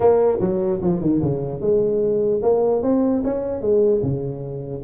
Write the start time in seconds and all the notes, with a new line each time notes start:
0.00 A#3
0.40 F#3
0.81 F3
1.00 D#3
1.21 C#3
1.61 G#3
2.42 A#3
2.82 C4
3.23 C#4
3.61 G#3
4.02 C#3